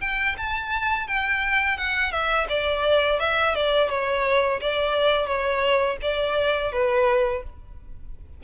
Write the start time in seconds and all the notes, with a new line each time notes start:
0.00 G5
0.37 A5
1.07 G5
1.77 F#5
2.11 E5
2.49 D5
3.20 E5
3.55 D5
3.89 C#5
4.61 D5
5.26 C#5
6.02 D5
6.72 B4